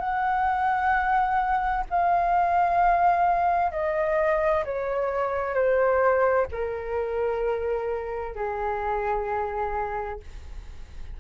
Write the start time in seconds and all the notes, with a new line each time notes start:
0.00 F#5
1.90 F5
3.72 D#5
4.65 C#5
5.54 C5
6.52 A#4
8.35 G#4